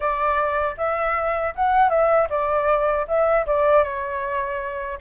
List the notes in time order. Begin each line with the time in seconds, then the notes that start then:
0.00 D5
0.77 E5
1.55 F#5
1.89 E5
2.29 D5
3.07 E5
3.46 D5
3.83 C#5